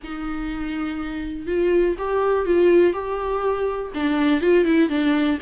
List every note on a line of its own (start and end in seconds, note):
0.03 1.46 D#4
1.46 1.96 F4
1.98 2.45 G4
2.45 2.93 F4
2.93 3.91 G4
3.94 4.41 D4
4.41 4.64 F4
4.64 4.89 E4
4.89 5.38 D4